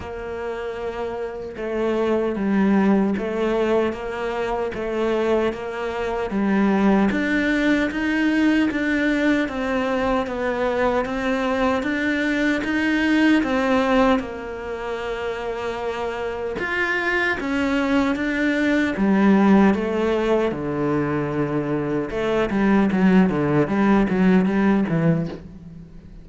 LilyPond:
\new Staff \with { instrumentName = "cello" } { \time 4/4 \tempo 4 = 76 ais2 a4 g4 | a4 ais4 a4 ais4 | g4 d'4 dis'4 d'4 | c'4 b4 c'4 d'4 |
dis'4 c'4 ais2~ | ais4 f'4 cis'4 d'4 | g4 a4 d2 | a8 g8 fis8 d8 g8 fis8 g8 e8 | }